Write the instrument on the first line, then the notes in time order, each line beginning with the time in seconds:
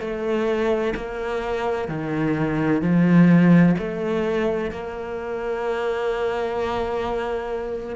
cello
0.00 A3
0.95 A#3
1.88 D#3
2.82 F3
3.78 A3
4.71 A#3